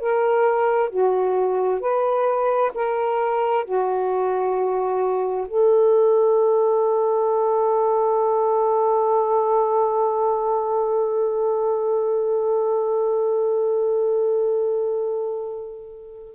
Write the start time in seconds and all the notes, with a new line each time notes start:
0.00 A#4
0.90 F#4
1.81 B4
2.74 A#4
3.65 F#4
5.48 A4